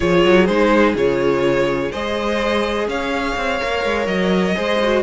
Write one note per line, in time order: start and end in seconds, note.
0.00 0.24 F3
0.00 0.47 F4
0.00 1.91 G#4
0.00 0.46 C#5
0.24 0.47 F#3
0.46 0.94 G#3
0.46 0.96 D#4
0.46 0.94 C5
0.94 1.90 C#3
0.94 1.92 F4
0.94 1.91 C#5
1.91 2.87 G#3
1.91 3.60 G#4
1.91 2.87 C5
1.91 2.87 D#5
2.87 3.35 C#4
2.87 4.55 C#5
2.87 4.06 F5
3.36 3.60 C4
3.60 3.84 A#3
3.60 4.56 A#4
3.84 4.06 G#3
4.06 4.54 F#3
4.06 5.02 D#5
4.55 5.03 G#3
4.55 4.80 G#4
4.55 5.03 C5
4.83 5.03 F#4